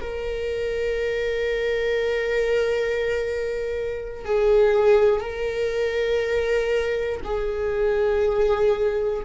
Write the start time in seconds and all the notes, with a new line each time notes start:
0.00 A#4
4.25 G#4
5.20 A#4
7.24 G#4